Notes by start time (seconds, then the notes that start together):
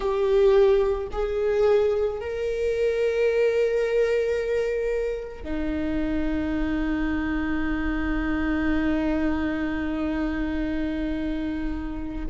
0.00 G4
1.12 G#4
2.20 A#4
5.43 D#4